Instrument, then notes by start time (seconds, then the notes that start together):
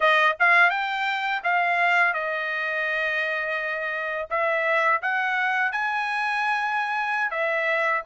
trumpet
0.00 D#5
0.39 F5
0.70 G5
1.43 F5
2.13 D#5
4.30 E5
5.02 F#5
5.72 G#5
7.31 E5